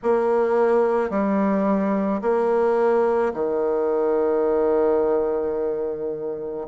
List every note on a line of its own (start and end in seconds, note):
0.03 1.10 A#3
1.10 2.21 G3
2.21 3.32 A#3
3.33 6.67 D#3